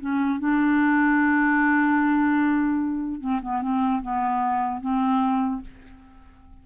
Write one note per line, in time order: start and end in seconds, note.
0.00 0.39 C#4
0.39 3.20 D4
3.20 3.40 C4
3.42 3.61 B3
3.61 4.02 C4
4.02 4.81 B3
4.81 5.61 C4